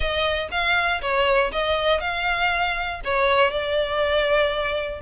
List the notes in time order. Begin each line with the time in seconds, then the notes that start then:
0.00 D#5
0.51 F5
1.01 C#5
1.52 D#5
2.00 F5
3.04 C#5
3.50 D5